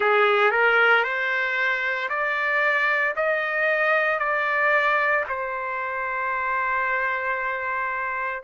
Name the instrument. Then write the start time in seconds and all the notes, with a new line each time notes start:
trumpet
0.00 G#4
0.51 A#4
1.03 C5
2.09 D5
3.16 D#5
4.19 D5
5.29 C5